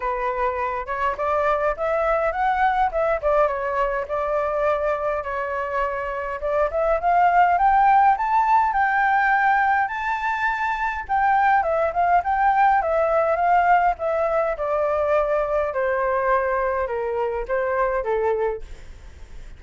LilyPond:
\new Staff \with { instrumentName = "flute" } { \time 4/4 \tempo 4 = 103 b'4. cis''8 d''4 e''4 | fis''4 e''8 d''8 cis''4 d''4~ | d''4 cis''2 d''8 e''8 | f''4 g''4 a''4 g''4~ |
g''4 a''2 g''4 | e''8 f''8 g''4 e''4 f''4 | e''4 d''2 c''4~ | c''4 ais'4 c''4 a'4 | }